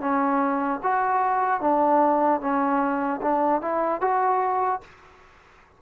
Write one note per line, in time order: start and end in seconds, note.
0.00 0.80 C#4
0.83 1.60 F#4
1.60 2.40 D4
2.40 3.20 C#4
3.21 3.61 D4
3.61 4.01 E4
4.01 4.81 F#4